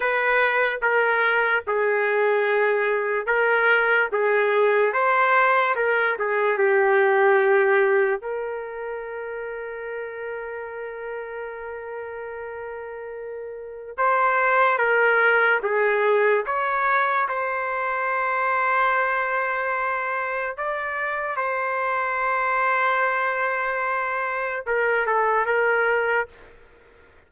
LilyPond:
\new Staff \with { instrumentName = "trumpet" } { \time 4/4 \tempo 4 = 73 b'4 ais'4 gis'2 | ais'4 gis'4 c''4 ais'8 gis'8 | g'2 ais'2~ | ais'1~ |
ais'4 c''4 ais'4 gis'4 | cis''4 c''2.~ | c''4 d''4 c''2~ | c''2 ais'8 a'8 ais'4 | }